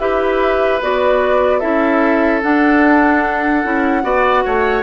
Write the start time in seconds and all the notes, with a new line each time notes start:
0.00 E4 G4 B4 E5
0.82 B3 F#4 D5
1.60 C#4 E4 A4 E5
2.43 D4 F#5
3.64 C#4 E4
4.03 B3 F#4 D5
4.45 A3 C#5